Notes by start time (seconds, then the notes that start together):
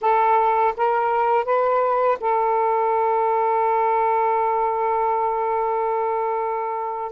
0.01 A4
0.76 A#4
1.44 B4
2.20 A4